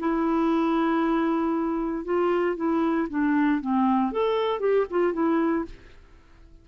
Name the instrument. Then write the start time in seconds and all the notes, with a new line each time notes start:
clarinet
0.00 E4
2.05 F4
2.57 E4
3.10 D4
3.62 C4
4.12 A4
4.60 G4
4.91 F4
5.14 E4